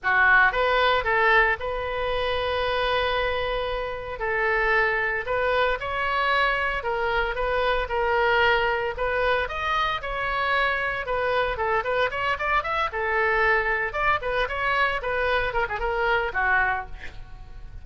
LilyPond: \new Staff \with { instrumentName = "oboe" } { \time 4/4 \tempo 4 = 114 fis'4 b'4 a'4 b'4~ | b'1 | a'2 b'4 cis''4~ | cis''4 ais'4 b'4 ais'4~ |
ais'4 b'4 dis''4 cis''4~ | cis''4 b'4 a'8 b'8 cis''8 d''8 | e''8 a'2 d''8 b'8 cis''8~ | cis''8 b'4 ais'16 gis'16 ais'4 fis'4 | }